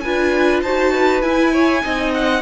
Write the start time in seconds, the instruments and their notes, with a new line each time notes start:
0.00 cello D4, viola F4, violin B4 G#5
0.62 cello D#4, viola F#4, violin C5 A5
0.93 violin B4
1.22 viola E4, cello E4, violin G#5
1.53 violin C#5
1.81 cello C4, viola D#4, violin D#5
2.14 violin F#5